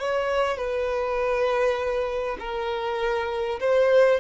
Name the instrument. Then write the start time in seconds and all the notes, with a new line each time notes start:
violin
0.00 C#5
0.57 B4
2.40 A#4
3.60 C5